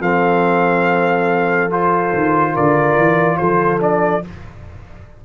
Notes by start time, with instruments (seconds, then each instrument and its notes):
0.00 tuba F3, trombone C4, horn A4, trumpet F5
1.70 trombone F4, trumpet C5
2.13 tuba D#3
2.53 tuba D3, horn A#4, trumpet D5
2.96 tuba E3
3.37 tuba F3, horn A4, trumpet C5
3.79 trombone D4, trumpet D5